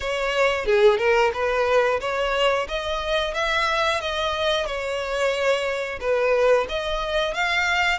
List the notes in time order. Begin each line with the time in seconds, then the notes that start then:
0.00 C#5
0.65 G#4
0.98 A#4
1.33 B4
2.00 C#5
2.68 D#5
3.34 E5
4.00 D#5
4.65 C#5
6.00 B4
6.68 D#5
7.34 F5